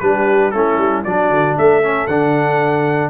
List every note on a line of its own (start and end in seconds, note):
0.00 0.53 G3
0.00 0.53 D4
0.00 0.54 G4
0.00 0.51 B4
0.51 0.78 A3
0.51 1.06 C#4
0.51 1.06 E4
0.51 1.03 A4
0.78 1.04 G3
1.05 1.30 F#3
1.05 1.83 D4
1.05 1.58 F#4
1.05 1.56 D5
1.30 1.56 D3
1.58 2.08 A3
1.58 3.10 A4
1.58 2.07 E5
1.83 2.09 C#4
2.07 3.10 D3
2.07 3.10 D4
2.07 3.10 F#5